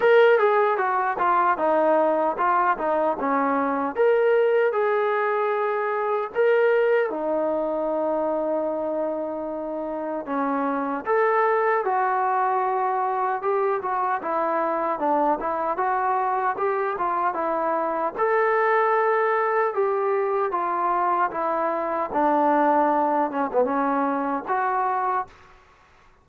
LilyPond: \new Staff \with { instrumentName = "trombone" } { \time 4/4 \tempo 4 = 76 ais'8 gis'8 fis'8 f'8 dis'4 f'8 dis'8 | cis'4 ais'4 gis'2 | ais'4 dis'2.~ | dis'4 cis'4 a'4 fis'4~ |
fis'4 g'8 fis'8 e'4 d'8 e'8 | fis'4 g'8 f'8 e'4 a'4~ | a'4 g'4 f'4 e'4 | d'4. cis'16 b16 cis'4 fis'4 | }